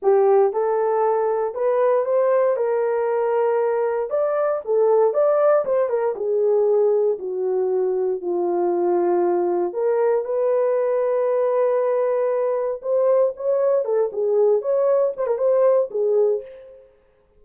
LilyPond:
\new Staff \with { instrumentName = "horn" } { \time 4/4 \tempo 4 = 117 g'4 a'2 b'4 | c''4 ais'2. | d''4 a'4 d''4 c''8 ais'8 | gis'2 fis'2 |
f'2. ais'4 | b'1~ | b'4 c''4 cis''4 a'8 gis'8~ | gis'8 cis''4 c''16 ais'16 c''4 gis'4 | }